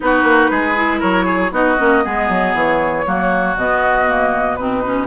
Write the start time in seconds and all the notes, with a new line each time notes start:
0.00 B3 D#4 F#4 B4
0.23 A#3
0.50 G#3 G#4
0.75 E4
0.99 F#3 A#4 C#5
1.24 G#4
1.51 B3 D#4 F#4 D#5
1.78 A#3 C#4
2.03 G#3 B3 G#4
2.28 F#3
2.54 E3 C#5
3.06 F#3 A#3 F#4
3.56 B2 B3 D#5
4.07 A#3
4.56 C4 D#4 B4
4.85 C#4